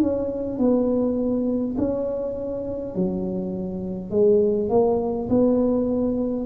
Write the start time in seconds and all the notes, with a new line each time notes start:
0.00 C#4
0.58 B3
1.78 C#4
2.95 F#3
4.11 G#3
4.70 A#3
5.30 B3